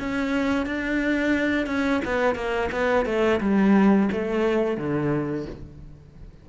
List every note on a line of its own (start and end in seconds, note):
0.00 0.66 C#4
0.66 1.67 D4
1.67 2.01 C#4
2.05 2.35 B3
2.35 2.70 A#3
2.72 3.06 B3
3.06 3.40 A3
3.41 4.10 G3
4.12 4.77 A3
4.77 5.46 D3